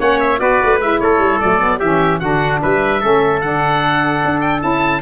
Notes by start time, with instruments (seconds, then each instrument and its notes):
0.00 tuba A#3, saxophone C#4, trumpet C#5, oboe F#5
0.20 oboe E5
0.39 tuba B3, saxophone F#4, trumpet B4, oboe D5
0.63 tuba A3
0.80 tuba G#3, saxophone E4, oboe E5
1.00 tuba A3, trumpet A4, oboe C#5
1.19 tuba G3
1.40 tuba F#3, saxophone A3, oboe D5
1.60 saxophone B3
1.80 tuba E3, saxophone C#4, trumpet G4, oboe E5
2.20 tuba D3, saxophone D4, trumpet F#4, oboe F#5
2.62 tuba G3, trumpet B4, oboe E5
3.01 tuba A3, saxophone C#4, trumpet A4
3.41 tuba D3, saxophone D4, oboe F#5
4.25 tuba D4
4.41 oboe G5
4.60 tuba C#4, saxophone E4, oboe A5